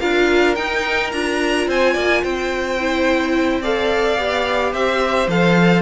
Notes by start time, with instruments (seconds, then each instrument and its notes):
0.00 cello D4, viola F4, violin A#4 F5
0.55 viola D#4, cello D#4, violin G5
1.12 cello D4, viola F4, violin A#5
1.68 cello C4, violin C5 G#5
1.94 cello A#3, violin D5
2.23 cello C4, violin C5 G5
2.80 viola E4
3.62 viola A4, violin D5 F5
4.18 cello B3, viola G4
4.73 cello C4, violin C5 E5
5.28 cello F3, viola A4, violin F5